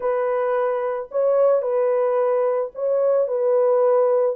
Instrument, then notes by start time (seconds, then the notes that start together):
horn
0.00 B4
1.11 C#5
1.62 B4
2.74 C#5
3.27 B4